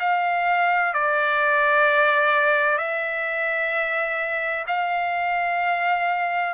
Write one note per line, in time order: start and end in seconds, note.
0.00 0.94 F5
0.94 2.78 D5
2.78 4.66 E5
4.68 6.54 F5